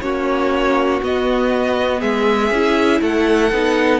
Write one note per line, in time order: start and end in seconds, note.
0.00 1.01 A#3
0.00 1.01 C#4
0.00 2.00 F#4
0.00 1.00 C#5
1.02 2.52 B3
1.02 2.02 B3
1.02 2.01 D#5
2.00 2.50 G#3
2.00 3.00 G#4
2.00 3.01 E5
2.50 3.00 C#4
2.50 3.52 E4
3.01 3.51 A3
3.01 4.00 A4
3.01 4.00 F#5
3.52 4.00 B3
3.52 4.00 D#4